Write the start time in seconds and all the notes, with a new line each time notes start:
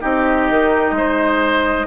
0.00 C4 D#4 G4 D#5
0.49 D#3
0.92 G#3 C5